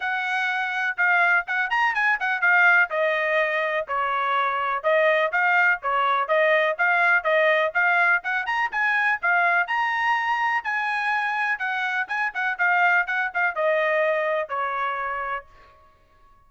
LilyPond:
\new Staff \with { instrumentName = "trumpet" } { \time 4/4 \tempo 4 = 124 fis''2 f''4 fis''8 ais''8 | gis''8 fis''8 f''4 dis''2 | cis''2 dis''4 f''4 | cis''4 dis''4 f''4 dis''4 |
f''4 fis''8 ais''8 gis''4 f''4 | ais''2 gis''2 | fis''4 gis''8 fis''8 f''4 fis''8 f''8 | dis''2 cis''2 | }